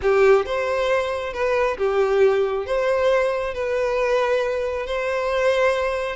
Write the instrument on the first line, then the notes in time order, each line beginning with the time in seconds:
violin
0.02 G4
0.45 C5
1.33 B4
1.77 G4
2.66 C5
3.54 B4
4.86 C5